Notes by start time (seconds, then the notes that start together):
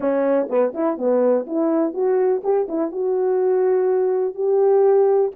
0.00 C#4
0.49 B3
0.73 E4
0.97 B3
1.46 E4
1.93 F#4
2.43 G4
2.68 E4
2.91 F#4
4.34 G4